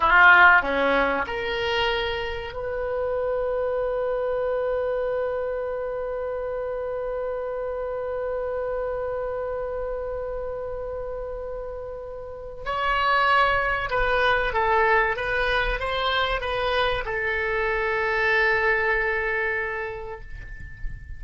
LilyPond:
\new Staff \with { instrumentName = "oboe" } { \time 4/4 \tempo 4 = 95 f'4 cis'4 ais'2 | b'1~ | b'1~ | b'1~ |
b'1 | cis''2 b'4 a'4 | b'4 c''4 b'4 a'4~ | a'1 | }